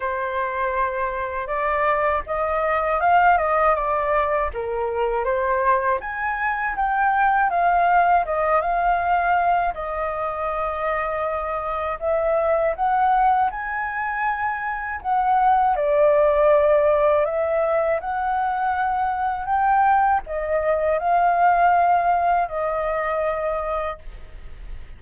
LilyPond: \new Staff \with { instrumentName = "flute" } { \time 4/4 \tempo 4 = 80 c''2 d''4 dis''4 | f''8 dis''8 d''4 ais'4 c''4 | gis''4 g''4 f''4 dis''8 f''8~ | f''4 dis''2. |
e''4 fis''4 gis''2 | fis''4 d''2 e''4 | fis''2 g''4 dis''4 | f''2 dis''2 | }